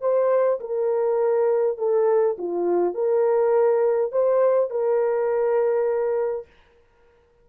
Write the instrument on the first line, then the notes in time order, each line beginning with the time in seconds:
horn
0.00 C5
0.60 A#4
1.78 A4
2.38 F4
2.94 A#4
4.11 C5
4.70 A#4